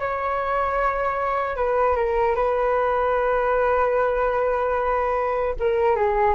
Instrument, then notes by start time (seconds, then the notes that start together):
flute
0.00 C#5
1.57 B4
1.96 A#4
2.36 B4
5.60 A#4
5.96 G#4